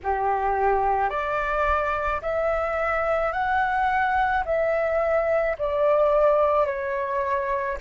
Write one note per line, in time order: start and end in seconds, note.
0.03 1.09 G4
1.09 2.20 D5
2.22 3.32 E5
3.32 4.43 F#5
4.45 5.56 E5
5.58 6.66 D5
6.66 7.77 C#5